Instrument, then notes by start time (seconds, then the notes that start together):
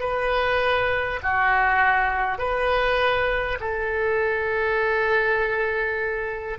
oboe
0.00 B4
1.22 F#4
2.38 B4
3.60 A4